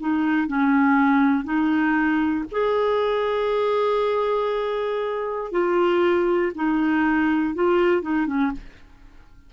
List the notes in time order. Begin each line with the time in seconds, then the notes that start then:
0.00 D#4
0.48 C#4
1.45 D#4
2.52 G#4
5.52 F4
6.55 D#4
7.55 F4
8.02 D#4
8.27 C#4